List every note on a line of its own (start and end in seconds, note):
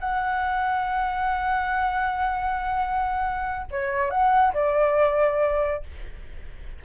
0.00 3.67 F#5
3.71 4.10 C#5
4.10 4.53 F#5
4.54 5.83 D5